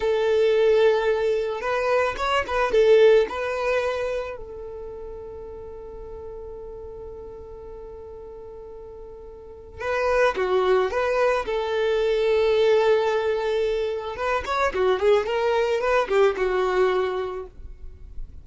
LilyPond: \new Staff \with { instrumentName = "violin" } { \time 4/4 \tempo 4 = 110 a'2. b'4 | cis''8 b'8 a'4 b'2 | a'1~ | a'1~ |
a'2 b'4 fis'4 | b'4 a'2.~ | a'2 b'8 cis''8 fis'8 gis'8 | ais'4 b'8 g'8 fis'2 | }